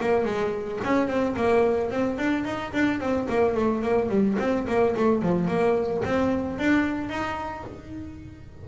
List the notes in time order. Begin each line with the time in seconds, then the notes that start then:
0.00 A#3
0.26 G#3
0.84 C#4
1.08 C4
1.36 A#3
1.91 C4
2.19 D4
2.45 D#4
2.73 D4
3.00 C4
3.29 A#3
3.55 A3
3.83 A#3
4.09 G3
4.39 C4
4.68 A#3
4.96 A3
5.22 F3
5.48 A#3
6.05 C4
6.59 D4
7.10 D#4